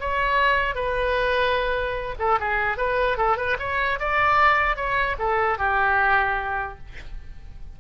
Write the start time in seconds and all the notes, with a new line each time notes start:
0.00 C#5
0.75 B4
2.19 A4
2.39 G#4
2.77 B4
3.17 A4
3.37 B4
3.59 C#5
3.99 D5
4.76 C#5
5.18 A4
5.58 G4